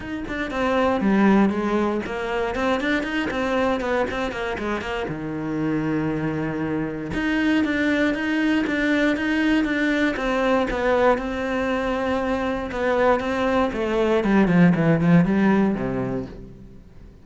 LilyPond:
\new Staff \with { instrumentName = "cello" } { \time 4/4 \tempo 4 = 118 dis'8 d'8 c'4 g4 gis4 | ais4 c'8 d'8 dis'8 c'4 b8 | c'8 ais8 gis8 ais8 dis2~ | dis2 dis'4 d'4 |
dis'4 d'4 dis'4 d'4 | c'4 b4 c'2~ | c'4 b4 c'4 a4 | g8 f8 e8 f8 g4 c4 | }